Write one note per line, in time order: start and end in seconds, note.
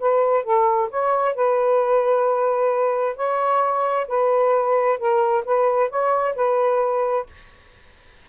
0.00 0.44 B4
0.44 0.89 A4
0.90 1.35 C#5
1.35 3.16 B4
3.16 4.07 C#5
4.08 4.99 B4
4.99 5.44 A#4
5.45 5.90 B4
5.90 6.35 C#5
6.35 7.26 B4